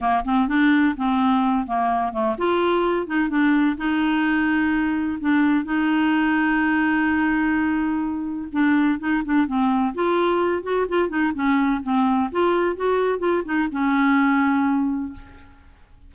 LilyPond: \new Staff \with { instrumentName = "clarinet" } { \time 4/4 \tempo 4 = 127 ais8 c'8 d'4 c'4. ais8~ | ais8 a8 f'4. dis'8 d'4 | dis'2. d'4 | dis'1~ |
dis'2 d'4 dis'8 d'8 | c'4 f'4. fis'8 f'8 dis'8 | cis'4 c'4 f'4 fis'4 | f'8 dis'8 cis'2. | }